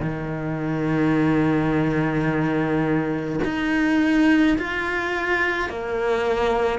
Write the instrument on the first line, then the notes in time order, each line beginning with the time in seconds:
cello
0.00 D#3
3.44 D#4
4.58 F4
5.69 A#3